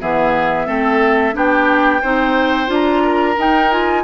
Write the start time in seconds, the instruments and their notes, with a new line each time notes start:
0.00 bassoon E3, clarinet B3, oboe G#4, flute E5
0.66 bassoon A3, clarinet C4, oboe A4
1.33 bassoon B3, clarinet D4, oboe G4, flute G5
2.02 bassoon C4, clarinet D#4, oboe C5
2.67 bassoon D4, clarinet F4
2.74 flute A#5
3.04 oboe A#4
3.37 clarinet D#4, bassoon D#4, flute G5
3.71 clarinet F4, flute G#5